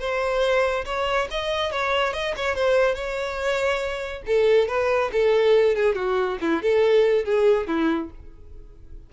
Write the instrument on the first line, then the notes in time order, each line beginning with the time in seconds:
violin
0.00 C5
0.86 C#5
1.31 D#5
1.72 C#5
2.14 D#5
2.37 C#5
2.55 C5
2.95 C#5
4.27 A4
4.68 B4
5.13 A4
5.76 G#4
5.96 F#4
6.41 E4
6.63 A4
7.25 G#4
7.68 E4